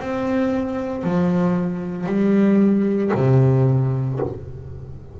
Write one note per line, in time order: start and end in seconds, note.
0.00 1.04 C4
1.04 2.07 F3
2.07 3.12 G3
3.14 4.20 C3